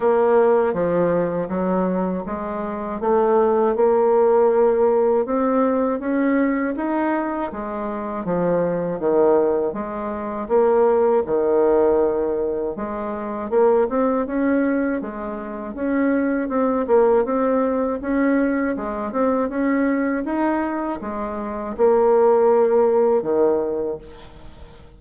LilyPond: \new Staff \with { instrumentName = "bassoon" } { \time 4/4 \tempo 4 = 80 ais4 f4 fis4 gis4 | a4 ais2 c'4 | cis'4 dis'4 gis4 f4 | dis4 gis4 ais4 dis4~ |
dis4 gis4 ais8 c'8 cis'4 | gis4 cis'4 c'8 ais8 c'4 | cis'4 gis8 c'8 cis'4 dis'4 | gis4 ais2 dis4 | }